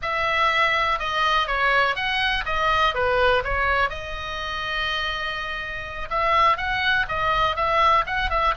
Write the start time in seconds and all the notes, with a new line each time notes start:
0.02 E5
0.99 D#5
1.47 C#5
1.95 F#5
2.45 D#5
2.94 B4
3.44 C#5
3.89 D#5
6.10 E5
6.57 F#5
7.08 D#5
7.55 E5
8.06 F#5
8.30 E5